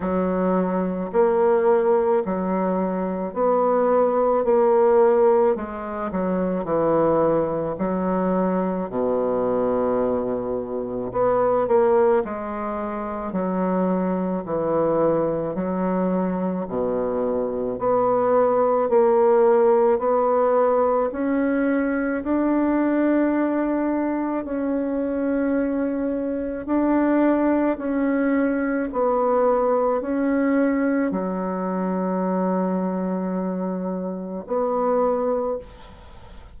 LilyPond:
\new Staff \with { instrumentName = "bassoon" } { \time 4/4 \tempo 4 = 54 fis4 ais4 fis4 b4 | ais4 gis8 fis8 e4 fis4 | b,2 b8 ais8 gis4 | fis4 e4 fis4 b,4 |
b4 ais4 b4 cis'4 | d'2 cis'2 | d'4 cis'4 b4 cis'4 | fis2. b4 | }